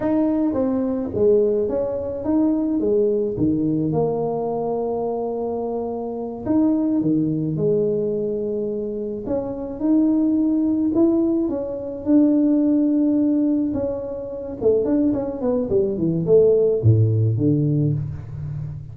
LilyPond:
\new Staff \with { instrumentName = "tuba" } { \time 4/4 \tempo 4 = 107 dis'4 c'4 gis4 cis'4 | dis'4 gis4 dis4 ais4~ | ais2.~ ais8 dis'8~ | dis'8 dis4 gis2~ gis8~ |
gis8 cis'4 dis'2 e'8~ | e'8 cis'4 d'2~ d'8~ | d'8 cis'4. a8 d'8 cis'8 b8 | g8 e8 a4 a,4 d4 | }